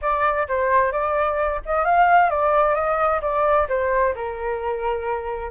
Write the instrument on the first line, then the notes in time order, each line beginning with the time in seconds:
flute
0.01 D5
0.48 C5
0.92 D5
1.65 D#5
1.84 F5
2.30 D5
2.75 D#5
3.21 D5
3.68 C5
4.15 A#4